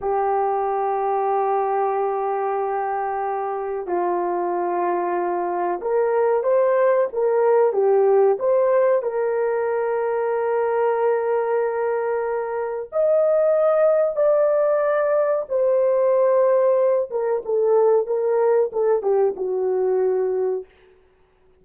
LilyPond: \new Staff \with { instrumentName = "horn" } { \time 4/4 \tempo 4 = 93 g'1~ | g'2 f'2~ | f'4 ais'4 c''4 ais'4 | g'4 c''4 ais'2~ |
ais'1 | dis''2 d''2 | c''2~ c''8 ais'8 a'4 | ais'4 a'8 g'8 fis'2 | }